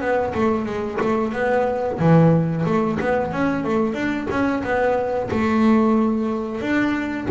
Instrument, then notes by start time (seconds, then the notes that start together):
double bass
0.00 B3
0.34 A3
0.65 G#3
1.00 A3
1.33 B3
1.99 E3
2.65 A3
3.00 B3
3.32 C#4
3.64 A3
3.94 D4
4.29 C#4
4.63 B3
5.30 A3
6.61 D4